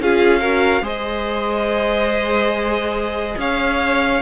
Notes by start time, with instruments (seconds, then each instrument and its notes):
0.00 cello C#4, viola F4, violin G#4 F5
0.39 viola F#4, violin A#4
0.82 cello G#3, viola G#4, violin C5 D#5
3.38 cello C#4, violin C#5 F5